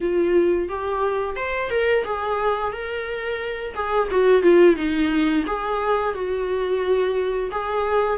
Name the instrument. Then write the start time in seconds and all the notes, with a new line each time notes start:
viola
0.00 F4
0.68 G4
1.35 C5
1.70 A#4
2.04 G#4
2.72 A#4
3.74 G#4
4.10 F#4
4.42 F4
4.76 D#4
5.46 G#4
6.14 F#4
7.51 G#4